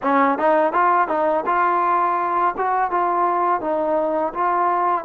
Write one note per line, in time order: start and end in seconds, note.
0.02 0.38 C#4
0.38 0.73 D#4
0.73 1.08 F4
1.08 1.44 D#4
1.46 2.54 F4
2.57 2.90 F#4
2.90 3.60 F4
3.60 4.33 D#4
4.34 5.04 F4